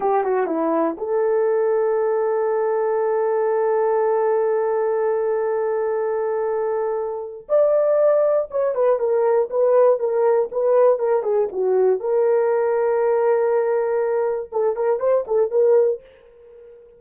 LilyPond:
\new Staff \with { instrumentName = "horn" } { \time 4/4 \tempo 4 = 120 g'8 fis'8 e'4 a'2~ | a'1~ | a'1~ | a'2. d''4~ |
d''4 cis''8 b'8 ais'4 b'4 | ais'4 b'4 ais'8 gis'8 fis'4 | ais'1~ | ais'4 a'8 ais'8 c''8 a'8 ais'4 | }